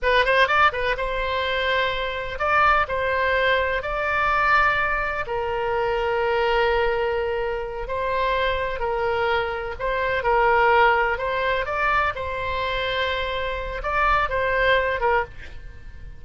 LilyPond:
\new Staff \with { instrumentName = "oboe" } { \time 4/4 \tempo 4 = 126 b'8 c''8 d''8 b'8 c''2~ | c''4 d''4 c''2 | d''2. ais'4~ | ais'1~ |
ais'8 c''2 ais'4.~ | ais'8 c''4 ais'2 c''8~ | c''8 d''4 c''2~ c''8~ | c''4 d''4 c''4. ais'8 | }